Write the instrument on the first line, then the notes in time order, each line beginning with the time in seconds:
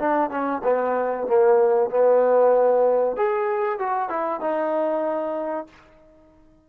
trombone
0.00 D4
0.31 C#4
0.65 B3
1.27 A#3
1.91 B3
3.17 G#4
3.80 F#4
4.10 E4
4.41 D#4